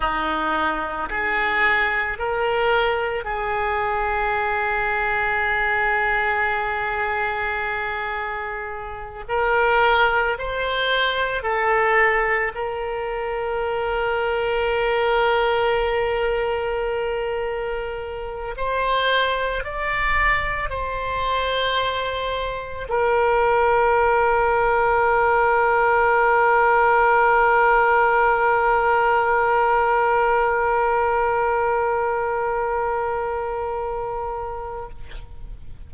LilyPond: \new Staff \with { instrumentName = "oboe" } { \time 4/4 \tempo 4 = 55 dis'4 gis'4 ais'4 gis'4~ | gis'1~ | gis'8 ais'4 c''4 a'4 ais'8~ | ais'1~ |
ais'4 c''4 d''4 c''4~ | c''4 ais'2.~ | ais'1~ | ais'1 | }